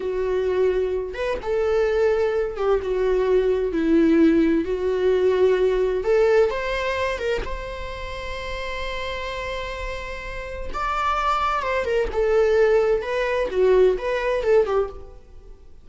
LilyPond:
\new Staff \with { instrumentName = "viola" } { \time 4/4 \tempo 4 = 129 fis'2~ fis'8 b'8 a'4~ | a'4. g'8 fis'2 | e'2 fis'2~ | fis'4 a'4 c''4. ais'8 |
c''1~ | c''2. d''4~ | d''4 c''8 ais'8 a'2 | b'4 fis'4 b'4 a'8 g'8 | }